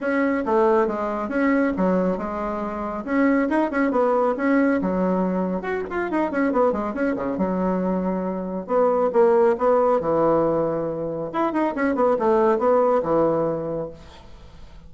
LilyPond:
\new Staff \with { instrumentName = "bassoon" } { \time 4/4 \tempo 4 = 138 cis'4 a4 gis4 cis'4 | fis4 gis2 cis'4 | dis'8 cis'8 b4 cis'4 fis4~ | fis4 fis'8 f'8 dis'8 cis'8 b8 gis8 |
cis'8 cis8 fis2. | b4 ais4 b4 e4~ | e2 e'8 dis'8 cis'8 b8 | a4 b4 e2 | }